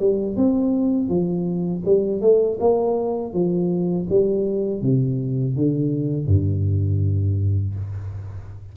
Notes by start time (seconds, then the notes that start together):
0.00 G3
0.37 C4
1.09 F3
1.86 G3
2.22 A3
2.61 A#3
3.33 F3
4.10 G3
4.82 C3
5.56 D3
6.27 G2